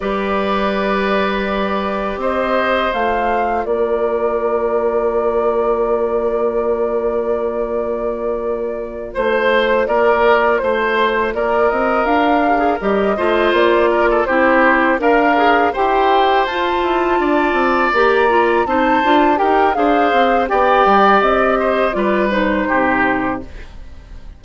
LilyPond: <<
  \new Staff \with { instrumentName = "flute" } { \time 4/4 \tempo 4 = 82 d''2. dis''4 | f''4 d''2.~ | d''1~ | d''8 c''4 d''4 c''4 d''8 |
dis''8 f''4 dis''4 d''4 c''8~ | c''8 f''4 g''4 a''4.~ | a''8 ais''4 a''4 g''8 f''4 | g''4 dis''4 d''8 c''4. | }
  \new Staff \with { instrumentName = "oboe" } { \time 4/4 b'2. c''4~ | c''4 ais'2.~ | ais'1~ | ais'8 c''4 ais'4 c''4 ais'8~ |
ais'2 c''4 ais'16 a'16 g'8~ | g'8 ais'4 c''2 d''8~ | d''4. c''4 ais'8 c''4 | d''4. c''8 b'4 g'4 | }
  \new Staff \with { instrumentName = "clarinet" } { \time 4/4 g'1 | f'1~ | f'1~ | f'1~ |
f'4 g'16 gis'16 g'8 f'4. e'8~ | e'8 ais'8 gis'8 g'4 f'4.~ | f'8 g'8 f'8 dis'8 f'8 g'8 gis'4 | g'2 f'8 dis'4. | }
  \new Staff \with { instrumentName = "bassoon" } { \time 4/4 g2. c'4 | a4 ais2.~ | ais1~ | ais8 a4 ais4 a4 ais8 |
c'8 d'4 g8 a8 ais4 c'8~ | c'8 d'4 e'4 f'8 e'8 d'8 | c'8 ais4 c'8 d'8 dis'8 d'8 c'8 | b8 g8 c'4 g4 c4 | }
>>